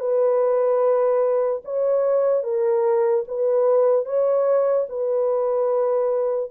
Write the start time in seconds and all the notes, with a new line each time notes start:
0.00 B4
1.65 C#5
2.44 A#4
3.28 B4
4.06 C#5
4.89 B4